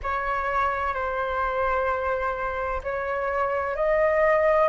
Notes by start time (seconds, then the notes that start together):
0.03 C#5
0.94 C5
2.83 C#5
3.75 D#5